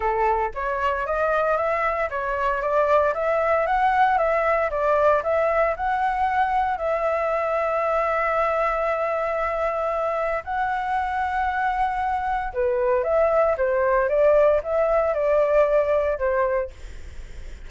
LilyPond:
\new Staff \with { instrumentName = "flute" } { \time 4/4 \tempo 4 = 115 a'4 cis''4 dis''4 e''4 | cis''4 d''4 e''4 fis''4 | e''4 d''4 e''4 fis''4~ | fis''4 e''2.~ |
e''1 | fis''1 | b'4 e''4 c''4 d''4 | e''4 d''2 c''4 | }